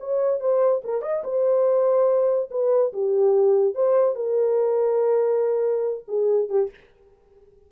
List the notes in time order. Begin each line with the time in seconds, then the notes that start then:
0.00 C#5
0.40 C5
0.85 A#4
1.02 D#5
1.24 C5
2.51 B4
2.93 G4
3.75 C5
4.16 A#4
6.08 G#4
6.49 G4